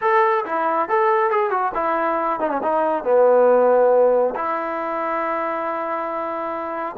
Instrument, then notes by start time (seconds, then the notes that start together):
trombone
0.01 A4
0.45 E4
0.88 A4
1.30 G#4
1.50 F#4
1.74 E4
2.39 D#4
2.49 C#4
2.63 D#4
3.04 B3
4.35 E4